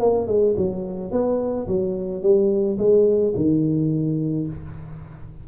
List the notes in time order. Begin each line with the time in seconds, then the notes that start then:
0.00 A#3
0.27 G#3
0.57 F#3
1.12 B3
1.68 F#3
2.22 G3
2.79 G#3
3.36 D#3